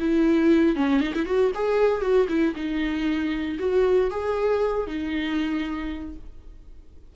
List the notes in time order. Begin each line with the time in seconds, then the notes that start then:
0.00 E4
0.76 C#4
1.01 D#4
1.14 E4
1.26 F#4
1.55 G#4
2.02 F#4
2.29 E4
2.56 D#4
3.59 F#4
4.11 G#4
4.87 D#4